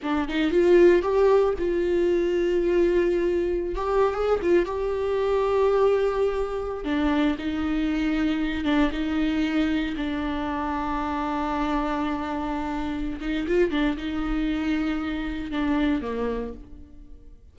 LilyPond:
\new Staff \with { instrumentName = "viola" } { \time 4/4 \tempo 4 = 116 d'8 dis'8 f'4 g'4 f'4~ | f'2.~ f'16 g'8. | gis'8 f'8 g'2.~ | g'4~ g'16 d'4 dis'4.~ dis'16~ |
dis'8. d'8 dis'2 d'8.~ | d'1~ | d'4. dis'8 f'8 d'8 dis'4~ | dis'2 d'4 ais4 | }